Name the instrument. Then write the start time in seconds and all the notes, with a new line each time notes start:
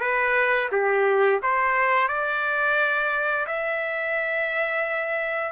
trumpet
0.00 B4
0.71 G4
1.42 C5
2.08 D5
3.46 E5